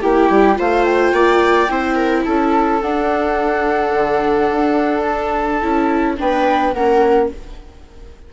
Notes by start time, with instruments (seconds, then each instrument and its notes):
0.00 bassoon A#3, viola E4 G4, flute G5
0.29 bassoon G3
0.55 bassoon A3, viola F4 C5, flute F5
0.84 flute G5
1.12 bassoon A#3, viola D5
1.68 bassoon C4, viola E4 C5
1.95 viola A#4
2.25 bassoon C#4, viola A4, flute A5
2.81 bassoon D4, viola D4, flute F#5
3.93 bassoon D3
4.51 bassoon D4
5.02 flute A5
5.62 bassoon C#4, viola E4
6.17 bassoon B3, viola D4 B4, flute G5
6.72 bassoon A#3, viola C#4 A#4, flute F#5